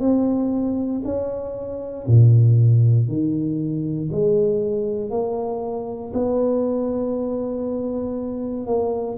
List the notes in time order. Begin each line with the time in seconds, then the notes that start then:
0.00 C4
1.04 C#4
2.07 A#2
3.08 D#3
4.11 G#3
5.10 A#3
6.13 B3
8.66 A#3